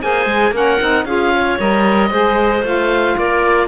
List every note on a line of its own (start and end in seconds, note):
0.00 0.25 A#3
0.00 0.53 G#4
0.00 0.53 C5
0.00 0.54 G#5
0.25 0.51 G#3
0.51 0.77 A#3
0.51 0.79 C#4
0.51 1.06 A#4
0.51 1.05 F#5
0.80 1.05 C4
0.80 1.07 D#4
1.05 1.57 C#4
1.05 1.59 F4
1.05 1.32 G#4
1.05 1.58 F5
1.34 2.11 C#5
1.59 2.10 G3
1.59 2.10 A#4
1.59 2.65 D#5
2.10 2.62 G#3
2.10 2.62 G#4
2.10 3.16 C5
2.62 3.15 A3
2.62 3.67 F4
2.62 3.17 F5
3.17 3.67 A#3
3.17 3.67 A#4
3.17 3.67 D5